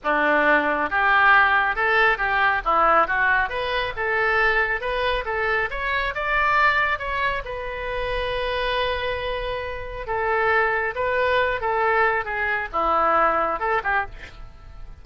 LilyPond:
\new Staff \with { instrumentName = "oboe" } { \time 4/4 \tempo 4 = 137 d'2 g'2 | a'4 g'4 e'4 fis'4 | b'4 a'2 b'4 | a'4 cis''4 d''2 |
cis''4 b'2.~ | b'2. a'4~ | a'4 b'4. a'4. | gis'4 e'2 a'8 g'8 | }